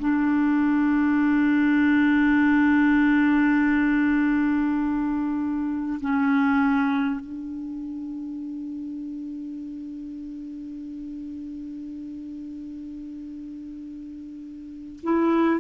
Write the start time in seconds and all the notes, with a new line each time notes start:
0.00 D4
6.01 C#4
7.21 D4
15.03 E4